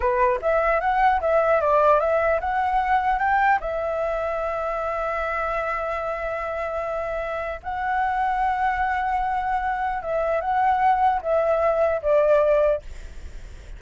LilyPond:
\new Staff \with { instrumentName = "flute" } { \time 4/4 \tempo 4 = 150 b'4 e''4 fis''4 e''4 | d''4 e''4 fis''2 | g''4 e''2.~ | e''1~ |
e''2. fis''4~ | fis''1~ | fis''4 e''4 fis''2 | e''2 d''2 | }